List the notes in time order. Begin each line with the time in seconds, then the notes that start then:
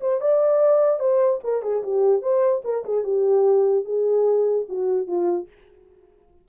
0.00 C5
0.20 D5
0.99 C5
1.43 A#4
1.62 G#4
1.83 G4
2.22 C5
2.64 A#4
2.84 G#4
3.03 G4
3.85 G#4
4.69 F#4
5.07 F4